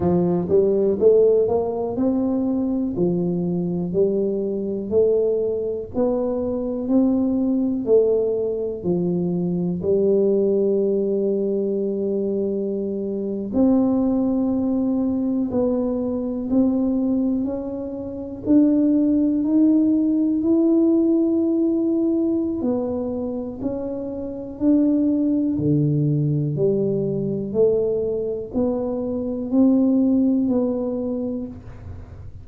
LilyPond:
\new Staff \with { instrumentName = "tuba" } { \time 4/4 \tempo 4 = 61 f8 g8 a8 ais8 c'4 f4 | g4 a4 b4 c'4 | a4 f4 g2~ | g4.~ g16 c'2 b16~ |
b8. c'4 cis'4 d'4 dis'16~ | dis'8. e'2~ e'16 b4 | cis'4 d'4 d4 g4 | a4 b4 c'4 b4 | }